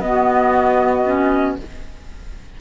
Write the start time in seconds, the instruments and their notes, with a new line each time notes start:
0.00 cello B3, clarinet B3, saxophone F#4, flute D#5
1.05 clarinet C#4